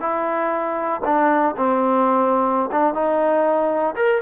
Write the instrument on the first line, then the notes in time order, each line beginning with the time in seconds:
trombone
0.00 E4
1.05 D4
1.56 C4
2.71 D4
2.94 D#4
3.96 A#4